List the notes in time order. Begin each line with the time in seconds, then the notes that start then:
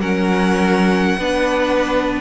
0.00 F#3 C#4 A#4 F#5
1.18 B3 D4 B4